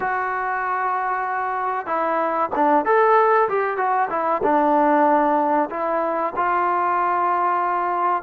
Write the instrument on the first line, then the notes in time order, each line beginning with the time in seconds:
trombone
0.00 F#4
1.86 E4
2.55 D4
2.85 A4
3.48 G4
3.77 F#4
4.10 E4
4.43 D4
5.70 E4
6.36 F4